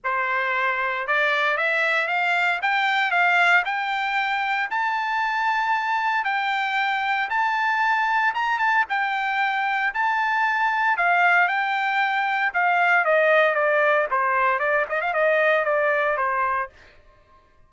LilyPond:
\new Staff \with { instrumentName = "trumpet" } { \time 4/4 \tempo 4 = 115 c''2 d''4 e''4 | f''4 g''4 f''4 g''4~ | g''4 a''2. | g''2 a''2 |
ais''8 a''8 g''2 a''4~ | a''4 f''4 g''2 | f''4 dis''4 d''4 c''4 | d''8 dis''16 f''16 dis''4 d''4 c''4 | }